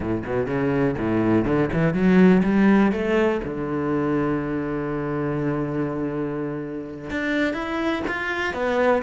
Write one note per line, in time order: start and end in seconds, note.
0.00 0.22 A2
0.25 0.46 B2
0.46 0.95 C#3
0.98 1.45 A2
1.45 1.69 D3
1.72 1.93 E3
1.93 2.42 F#3
2.43 2.91 G3
2.92 3.40 A3
3.44 7.10 D3
7.10 7.53 D4
7.53 8.02 E4
8.07 8.53 F4
8.53 9.02 B3